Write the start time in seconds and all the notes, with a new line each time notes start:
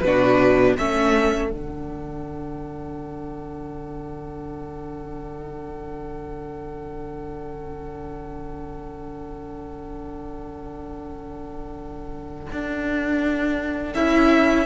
0.00 B2 D4 B4
0.06 F#4
0.78 A3 C#4 A4 E5
1.49 D3 D4 F#5
12.52 D4
13.94 C#4 E4 E5